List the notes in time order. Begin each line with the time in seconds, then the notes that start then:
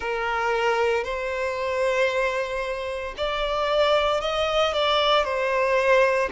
0.00 A#4
1.03 C5
3.17 D5
4.21 D#5
4.73 D5
5.23 C5